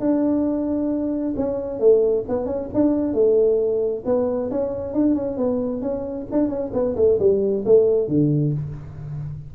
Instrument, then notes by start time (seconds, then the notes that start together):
tuba
0.00 D4
1.36 C#4
1.79 A3
2.28 B3
2.46 C#4
2.74 D4
3.13 A3
4.05 B3
4.50 C#4
4.93 D4
5.15 C#4
5.37 B3
5.81 C#4
6.31 D4
6.48 C#4
6.73 B3
6.96 A3
7.19 G3
7.65 A3
8.08 D3